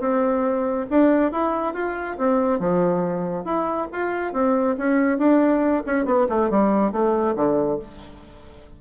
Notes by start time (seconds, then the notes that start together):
0.00 C4
0.90 D4
1.32 E4
1.74 F4
2.18 C4
2.59 F3
3.45 E4
3.92 F4
4.33 C4
4.78 C#4
5.18 D4
5.86 C#4
6.06 B3
6.29 A3
6.50 G3
6.92 A3
7.36 D3